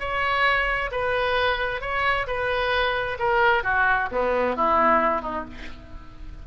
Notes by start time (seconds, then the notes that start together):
0.00 C#5
0.92 B4
1.81 C#5
2.27 B4
3.19 A#4
3.64 F#4
4.12 B3
4.56 E4
5.22 D#4